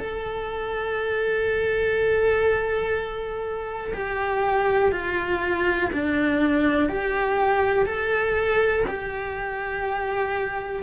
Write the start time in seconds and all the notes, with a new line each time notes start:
0.00 A4
3.94 G4
4.93 F4
5.93 D4
6.89 G4
7.86 A4
8.88 G4